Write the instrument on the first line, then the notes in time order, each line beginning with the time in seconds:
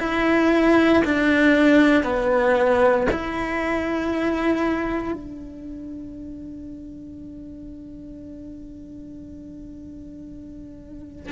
cello
0.00 E4
1.05 D4
2.04 B3
3.12 E4
5.13 D4